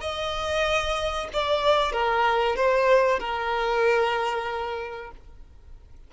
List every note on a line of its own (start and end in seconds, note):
0.00 1.28 D#5
1.32 1.92 D5
1.92 2.55 A#4
2.55 3.19 C5
3.19 5.10 A#4